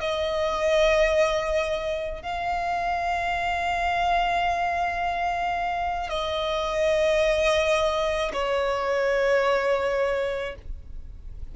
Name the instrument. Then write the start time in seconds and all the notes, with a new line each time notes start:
violin
0.00 D#5
2.22 F5
6.10 D#5
8.33 C#5